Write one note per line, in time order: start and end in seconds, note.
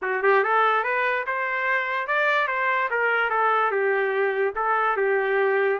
0.02 0.22 F#4
0.23 0.43 G4
0.43 0.83 A4
0.83 1.25 B4
1.26 2.07 C5
2.07 2.47 D5
2.47 2.89 C5
2.90 3.30 A#4
3.30 3.71 A4
3.71 4.54 G4
4.55 4.96 A4
4.97 5.79 G4